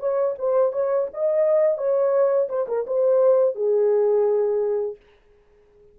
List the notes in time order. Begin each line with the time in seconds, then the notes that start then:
0.00 C#5
0.39 C5
0.73 C#5
1.14 D#5
1.78 C#5
2.49 C5
2.69 A#4
2.87 C5
3.56 G#4